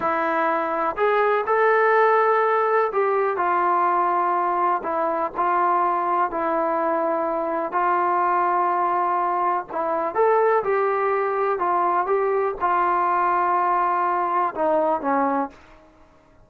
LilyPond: \new Staff \with { instrumentName = "trombone" } { \time 4/4 \tempo 4 = 124 e'2 gis'4 a'4~ | a'2 g'4 f'4~ | f'2 e'4 f'4~ | f'4 e'2. |
f'1 | e'4 a'4 g'2 | f'4 g'4 f'2~ | f'2 dis'4 cis'4 | }